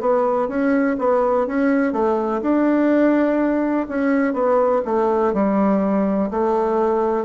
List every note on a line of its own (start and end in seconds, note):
0.00 0.48 B3
0.48 0.97 C#4
0.99 1.47 B3
1.47 1.93 C#4
1.93 2.41 A3
2.42 3.87 D4
3.89 4.34 C#4
4.34 4.82 B3
4.85 5.34 A3
5.34 6.30 G3
6.31 7.25 A3